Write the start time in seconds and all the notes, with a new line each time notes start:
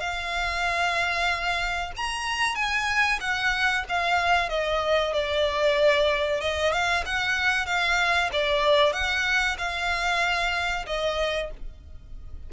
0.00 F5
1.96 A#5
2.55 G#5
3.20 F#5
3.88 F5
4.49 D#5
5.13 D5
6.40 D#5
6.72 F5
7.05 F#5
7.66 F5
8.32 D5
8.92 F#5
9.58 F5
10.86 D#5